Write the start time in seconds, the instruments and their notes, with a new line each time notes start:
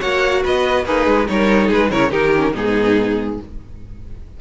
0.00 cello A#3, viola F#4, violin C#5 F#5
0.43 cello B3, violin B4 D#5
0.85 cello A#3, violin D#4 B4, viola G#4
1.07 cello G#3
1.27 cello G3, viola D#4, violin A#4 C#5
1.68 cello G#3, violin G#4 B4
1.91 cello C#3, viola E4, violin A#4 C#5
2.10 cello D#3, viola D#4, violin G4 A#4
2.36 viola C#4
2.53 cello G#2, viola B3, violin D#4 G#4